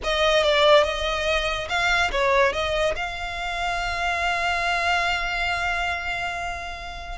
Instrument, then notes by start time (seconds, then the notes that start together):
violin
0.03 D#5
0.43 D5
0.83 D#5
1.68 F5
2.11 C#5
2.52 D#5
2.96 F5